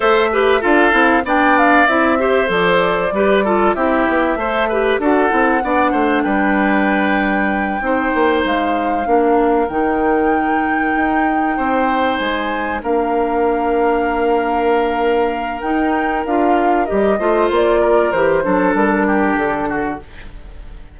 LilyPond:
<<
  \new Staff \with { instrumentName = "flute" } { \time 4/4 \tempo 4 = 96 e''4 f''4 g''8 f''8 e''4 | d''2 e''2 | fis''2 g''2~ | g''4. f''2 g''8~ |
g''2.~ g''8 gis''8~ | gis''8 f''2.~ f''8~ | f''4 g''4 f''4 dis''4 | d''4 c''4 ais'4 a'4 | }
  \new Staff \with { instrumentName = "oboe" } { \time 4/4 c''8 b'8 a'4 d''4. c''8~ | c''4 b'8 a'8 g'4 c''8 b'8 | a'4 d''8 c''8 b'2~ | b'8 c''2 ais'4.~ |
ais'2~ ais'8 c''4.~ | c''8 ais'2.~ ais'8~ | ais'2.~ ais'8 c''8~ | c''8 ais'4 a'4 g'4 fis'8 | }
  \new Staff \with { instrumentName = "clarinet" } { \time 4/4 a'8 g'8 f'8 e'8 d'4 e'8 g'8 | a'4 g'8 f'8 e'4 a'8 g'8 | fis'8 e'8 d'2.~ | d'8 dis'2 d'4 dis'8~ |
dis'1~ | dis'8 d'2.~ d'8~ | d'4 dis'4 f'4 g'8 f'8~ | f'4 g'8 d'2~ d'8 | }
  \new Staff \with { instrumentName = "bassoon" } { \time 4/4 a4 d'8 c'8 b4 c'4 | f4 g4 c'8 b8 a4 | d'8 c'8 b8 a8 g2~ | g8 c'8 ais8 gis4 ais4 dis8~ |
dis4. dis'4 c'4 gis8~ | gis8 ais2.~ ais8~ | ais4 dis'4 d'4 g8 a8 | ais4 e8 fis8 g4 d4 | }
>>